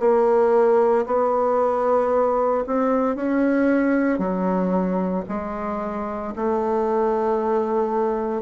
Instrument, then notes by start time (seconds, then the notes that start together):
bassoon
0.00 A#3
1.06 B3
2.67 C4
3.16 C#4
4.19 F#3
5.29 G#3
6.36 A3